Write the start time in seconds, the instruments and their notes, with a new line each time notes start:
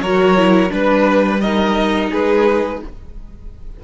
0.00 cello F#3, viola F#4, violin A#4 C#5
0.37 viola E4
0.69 cello G3, viola D4, violin B4
1.40 viola D#4, violin A#4 D#5
2.09 cello G#3, violin G#4 B4